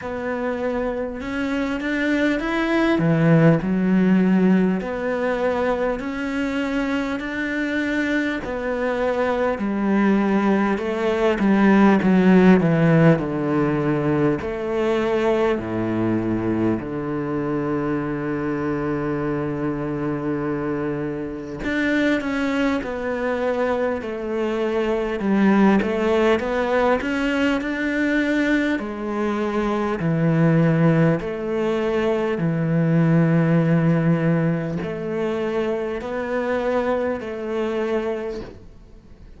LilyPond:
\new Staff \with { instrumentName = "cello" } { \time 4/4 \tempo 4 = 50 b4 cis'8 d'8 e'8 e8 fis4 | b4 cis'4 d'4 b4 | g4 a8 g8 fis8 e8 d4 | a4 a,4 d2~ |
d2 d'8 cis'8 b4 | a4 g8 a8 b8 cis'8 d'4 | gis4 e4 a4 e4~ | e4 a4 b4 a4 | }